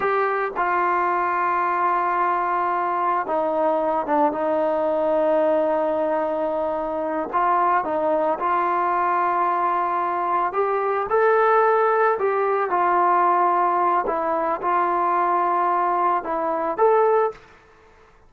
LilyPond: \new Staff \with { instrumentName = "trombone" } { \time 4/4 \tempo 4 = 111 g'4 f'2.~ | f'2 dis'4. d'8 | dis'1~ | dis'4. f'4 dis'4 f'8~ |
f'2.~ f'8 g'8~ | g'8 a'2 g'4 f'8~ | f'2 e'4 f'4~ | f'2 e'4 a'4 | }